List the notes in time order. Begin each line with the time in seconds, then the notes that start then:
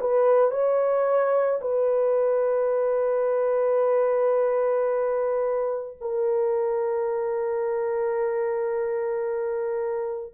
0.00 B4
0.51 C#5
1.61 B4
6.00 A#4